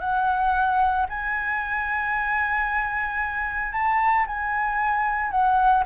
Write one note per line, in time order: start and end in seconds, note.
0.00 1.06 F#5
1.09 3.72 G#5
3.72 4.25 A5
4.26 5.30 G#5
5.30 5.84 F#5